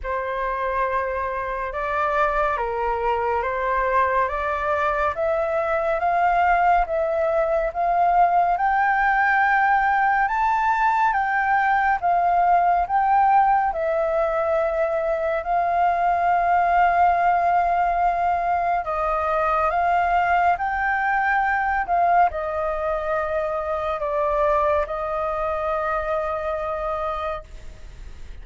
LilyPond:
\new Staff \with { instrumentName = "flute" } { \time 4/4 \tempo 4 = 70 c''2 d''4 ais'4 | c''4 d''4 e''4 f''4 | e''4 f''4 g''2 | a''4 g''4 f''4 g''4 |
e''2 f''2~ | f''2 dis''4 f''4 | g''4. f''8 dis''2 | d''4 dis''2. | }